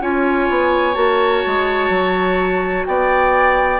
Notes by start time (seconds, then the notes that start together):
0.00 C#4 F4 C#5 G#5
0.49 B3
0.93 A#3 F#4 A5
1.46 G#3
1.89 F#3
2.85 B3 D5 G5